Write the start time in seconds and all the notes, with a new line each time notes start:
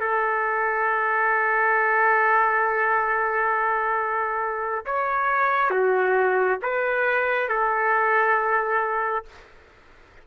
0.00 A4
4.86 C#5
5.70 F#4
6.63 B4
7.49 A4